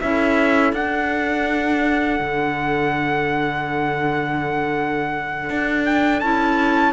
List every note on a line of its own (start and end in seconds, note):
0.00 0.72 C#4
0.00 0.75 E4
0.00 6.93 A4
0.00 0.73 E5
0.72 2.19 D4
0.72 6.23 D4
0.72 5.85 F#5
2.20 5.49 D3
5.49 6.21 D4
5.85 6.20 G5
6.20 6.93 C#4
6.20 6.93 E4
6.20 6.93 A5